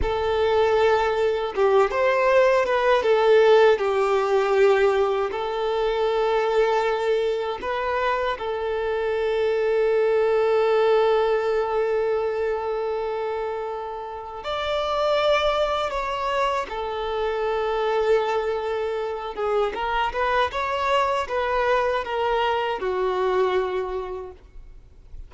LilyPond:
\new Staff \with { instrumentName = "violin" } { \time 4/4 \tempo 4 = 79 a'2 g'8 c''4 b'8 | a'4 g'2 a'4~ | a'2 b'4 a'4~ | a'1~ |
a'2. d''4~ | d''4 cis''4 a'2~ | a'4. gis'8 ais'8 b'8 cis''4 | b'4 ais'4 fis'2 | }